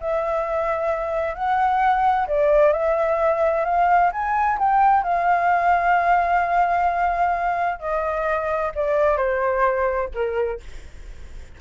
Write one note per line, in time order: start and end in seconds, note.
0.00 1.34 E5
1.34 2.27 F#5
2.27 2.72 D5
2.72 3.65 E5
3.65 4.11 F5
4.12 4.58 G#5
4.58 5.03 G5
5.03 7.79 F5
7.79 8.72 D#5
8.75 9.17 D5
9.17 10.09 C5
10.14 10.60 A#4